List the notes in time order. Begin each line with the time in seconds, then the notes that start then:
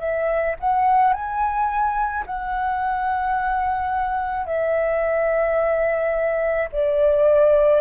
0.00 E5
0.60 F#5
1.14 G#5
2.26 F#5
4.46 E5
6.72 D5